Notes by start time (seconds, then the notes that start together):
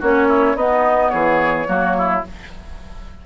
0.00 A#3 C#4 F#4 C#5
0.28 E4
0.55 B3 D#4 D#5
1.10 E3 G#4 C#5
1.67 F#3 A#3 F#4
1.98 E4